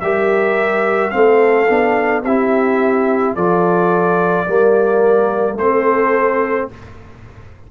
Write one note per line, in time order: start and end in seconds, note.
0.00 1.11 G3
0.00 1.11 G4
0.00 1.14 A#4
0.00 1.10 E5
1.10 1.69 A3
1.10 1.66 C4
1.10 2.23 A4
1.10 2.21 F5
1.67 2.24 B3
1.67 2.23 D4
2.23 3.35 C4
2.23 3.37 E4
2.23 3.34 G4
2.23 3.35 E5
3.34 4.46 F3
3.34 4.47 F4
3.34 4.45 A4
3.34 5.57 D5
4.47 5.54 G3
4.47 5.58 A#3
4.47 5.58 A#4
5.54 6.65 A3
5.54 6.71 C4
5.54 6.70 A4
5.54 6.68 C5